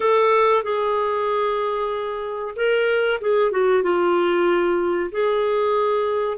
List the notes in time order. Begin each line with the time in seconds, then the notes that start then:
0.00 A4
0.63 G#4
2.56 A#4
3.20 G#4
3.51 F#4
3.82 F4
5.11 G#4